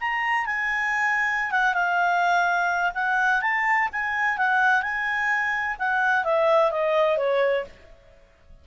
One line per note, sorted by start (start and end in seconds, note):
0.00 0.46 A#5
0.46 1.51 G#5
1.51 1.74 F#5
1.74 2.92 F5
2.94 3.41 F#5
3.41 3.88 A5
3.92 4.37 G#5
4.37 4.82 F#5
4.82 5.77 G#5
5.79 6.24 F#5
6.24 6.71 E5
6.71 7.17 D#5
7.17 7.65 C#5